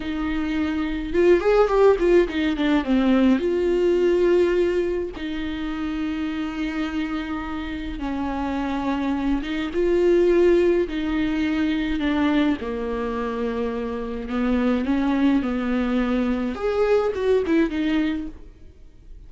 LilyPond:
\new Staff \with { instrumentName = "viola" } { \time 4/4 \tempo 4 = 105 dis'2 f'8 gis'8 g'8 f'8 | dis'8 d'8 c'4 f'2~ | f'4 dis'2.~ | dis'2 cis'2~ |
cis'8 dis'8 f'2 dis'4~ | dis'4 d'4 ais2~ | ais4 b4 cis'4 b4~ | b4 gis'4 fis'8 e'8 dis'4 | }